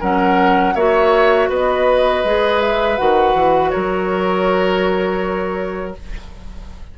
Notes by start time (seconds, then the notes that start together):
0.00 F#3 C#4 A#4 F#5
0.75 A#3 F#4 C#5 E5
1.49 B3 B4 D#5
2.24 G#3 G#4
2.60 E5
2.97 D#3 F#4 F#5
3.35 E3
3.70 F#3 A#4 C#5